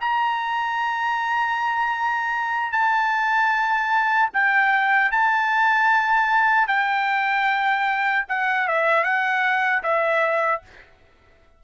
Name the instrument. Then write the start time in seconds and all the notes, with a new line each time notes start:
trumpet
0.00 A#5
2.72 A5
4.33 G5
5.11 A5
6.67 G5
8.28 F#5
8.67 E5
9.03 F#5
9.83 E5